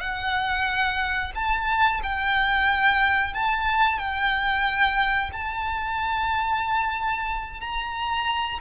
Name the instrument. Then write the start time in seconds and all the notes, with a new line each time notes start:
violin
0.00 F#5
1.35 A5
2.03 G5
3.34 A5
3.99 G5
5.33 A5
7.60 A#5